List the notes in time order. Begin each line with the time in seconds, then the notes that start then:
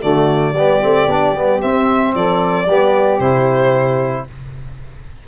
0.00 D3 A3 F#4 D5
0.53 G3 B3 G4
0.81 A3 C4
1.07 B3 D4
1.32 G3 B3
1.61 C4 E5
2.14 F3 A4 D5
2.64 G3 B3 G4
3.19 C3 E4 C5